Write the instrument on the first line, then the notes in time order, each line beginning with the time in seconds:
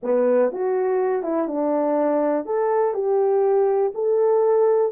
horn
0.02 B3
0.52 F#4
1.23 E4
1.47 D4
2.45 A4
2.94 G4
3.94 A4